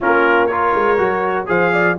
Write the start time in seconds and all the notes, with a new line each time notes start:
0.00 A#3 C#4 F4 A#4
0.47 F4 A#4 C#5
0.74 G#3
0.97 F#3 F#4
1.46 F3 G#4 C5 F5
1.72 D5